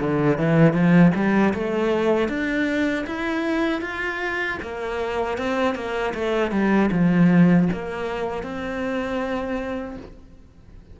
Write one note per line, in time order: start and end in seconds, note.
0.00 0.38 D3
0.38 0.73 E3
0.73 1.12 F3
1.15 1.54 G3
1.54 2.29 A3
2.29 3.06 D4
3.07 3.82 E4
3.82 4.59 F4
4.63 5.38 A#3
5.38 5.75 C4
5.75 6.14 A#3
6.15 6.52 A3
6.52 6.90 G3
6.92 7.69 F3
7.73 8.43 A#3
8.43 9.97 C4